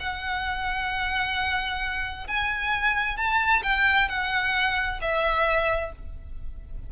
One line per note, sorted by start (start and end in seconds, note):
0.00 2.27 F#5
2.28 3.17 G#5
3.17 3.62 A5
3.63 4.08 G5
4.09 5.00 F#5
5.01 5.92 E5